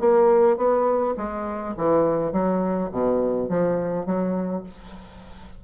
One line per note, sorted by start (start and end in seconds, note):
0.00 0.57 A#3
0.57 1.15 B3
1.17 1.75 G#3
1.77 2.32 E3
2.32 2.90 F#3
2.92 3.49 B2
3.49 4.06 F3
4.06 4.64 F#3